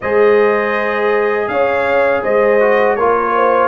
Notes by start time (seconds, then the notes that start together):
0.01 G#3 G#4 C5 D#5
1.47 C#4 C#5 F5
2.23 G#3 C5 D#5
2.60 F#4
2.95 A#3 F4 A#4 C#5
3.35 C5